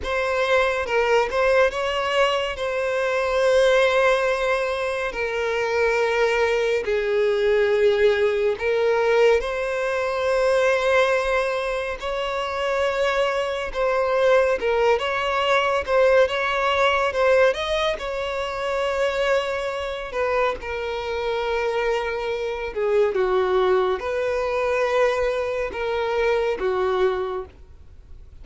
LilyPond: \new Staff \with { instrumentName = "violin" } { \time 4/4 \tempo 4 = 70 c''4 ais'8 c''8 cis''4 c''4~ | c''2 ais'2 | gis'2 ais'4 c''4~ | c''2 cis''2 |
c''4 ais'8 cis''4 c''8 cis''4 | c''8 dis''8 cis''2~ cis''8 b'8 | ais'2~ ais'8 gis'8 fis'4 | b'2 ais'4 fis'4 | }